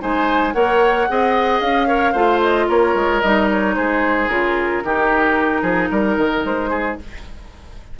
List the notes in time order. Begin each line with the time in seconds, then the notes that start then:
0.00 G#3 D#4 C5 G#5
0.53 A#3 A#4 C#5 F#5
1.08 C4 G#4 D#5
1.60 C#4 F5
1.87 A#4 C#5
2.12 A3 F4 C5
2.42 D#5
2.68 A#3 A#4 C#5
2.94 G#3
3.21 G3 D#4 D#5
3.51 C#5
3.75 G#3 G#4 C5
4.28 C#3 F4 A#4
4.84 D#3 D#4 G4
5.61 F3 G#4
5.90 G3 A#4
6.17 D#3
6.44 G#3 C5
6.70 G#4